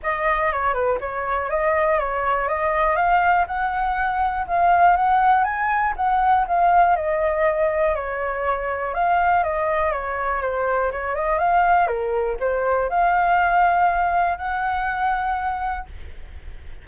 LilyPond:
\new Staff \with { instrumentName = "flute" } { \time 4/4 \tempo 4 = 121 dis''4 cis''8 b'8 cis''4 dis''4 | cis''4 dis''4 f''4 fis''4~ | fis''4 f''4 fis''4 gis''4 | fis''4 f''4 dis''2 |
cis''2 f''4 dis''4 | cis''4 c''4 cis''8 dis''8 f''4 | ais'4 c''4 f''2~ | f''4 fis''2. | }